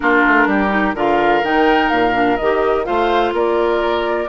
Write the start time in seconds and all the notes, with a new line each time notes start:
0.00 A#3 D4 F4 A#4
0.27 A3
0.46 G3 G4
0.69 D#4
0.94 D3 F4 A#4 F5
1.43 D#3 D#4 G5
1.89 A#2 F5
2.13 D4
2.36 D#3 G4 D#5
2.84 A3 F4 C5 F5
3.32 A#3 A#4 D5